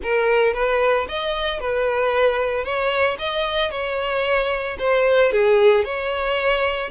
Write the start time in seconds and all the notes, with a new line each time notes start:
0.03 A#4
0.53 B4
1.08 D#5
1.60 B4
2.64 C#5
3.19 D#5
3.70 C#5
4.78 C5
5.31 G#4
5.84 C#5